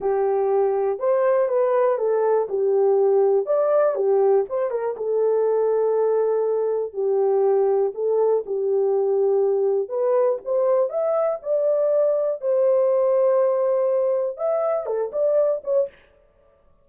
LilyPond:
\new Staff \with { instrumentName = "horn" } { \time 4/4 \tempo 4 = 121 g'2 c''4 b'4 | a'4 g'2 d''4 | g'4 c''8 ais'8 a'2~ | a'2 g'2 |
a'4 g'2. | b'4 c''4 e''4 d''4~ | d''4 c''2.~ | c''4 e''4 a'8 d''4 cis''8 | }